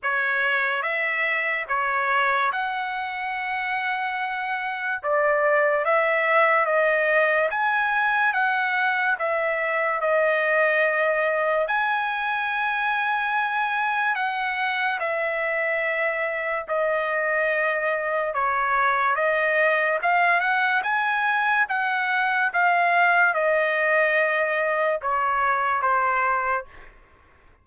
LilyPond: \new Staff \with { instrumentName = "trumpet" } { \time 4/4 \tempo 4 = 72 cis''4 e''4 cis''4 fis''4~ | fis''2 d''4 e''4 | dis''4 gis''4 fis''4 e''4 | dis''2 gis''2~ |
gis''4 fis''4 e''2 | dis''2 cis''4 dis''4 | f''8 fis''8 gis''4 fis''4 f''4 | dis''2 cis''4 c''4 | }